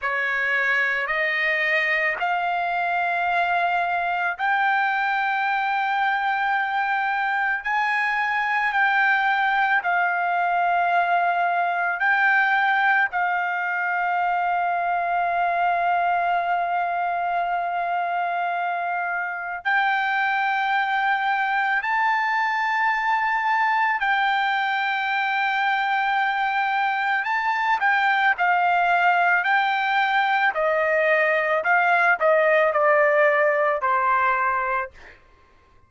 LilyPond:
\new Staff \with { instrumentName = "trumpet" } { \time 4/4 \tempo 4 = 55 cis''4 dis''4 f''2 | g''2. gis''4 | g''4 f''2 g''4 | f''1~ |
f''2 g''2 | a''2 g''2~ | g''4 a''8 g''8 f''4 g''4 | dis''4 f''8 dis''8 d''4 c''4 | }